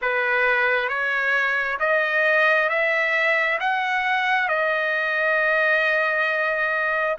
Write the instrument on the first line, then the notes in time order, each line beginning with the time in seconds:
trumpet
0.01 B4
0.88 C#5
1.79 D#5
2.69 E5
3.59 F#5
4.48 D#5